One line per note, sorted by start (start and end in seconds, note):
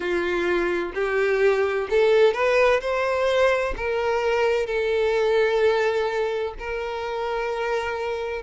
0.00 0.92 F4
0.94 1.87 G4
1.90 2.33 A4
2.33 2.80 B4
2.80 3.74 C5
3.77 4.66 A#4
4.66 6.54 A4
6.59 8.42 A#4